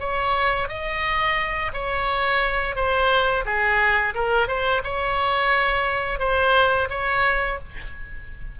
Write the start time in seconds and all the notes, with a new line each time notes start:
0.00 C#5
0.69 D#5
1.73 C#5
2.76 C5
3.45 G#4
4.15 A#4
4.48 C5
4.84 C#5
6.20 C5
6.90 C#5